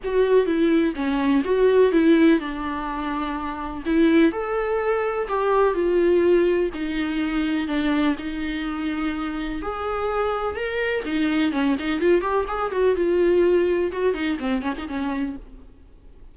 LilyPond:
\new Staff \with { instrumentName = "viola" } { \time 4/4 \tempo 4 = 125 fis'4 e'4 cis'4 fis'4 | e'4 d'2. | e'4 a'2 g'4 | f'2 dis'2 |
d'4 dis'2. | gis'2 ais'4 dis'4 | cis'8 dis'8 f'8 g'8 gis'8 fis'8 f'4~ | f'4 fis'8 dis'8 c'8 cis'16 dis'16 cis'4 | }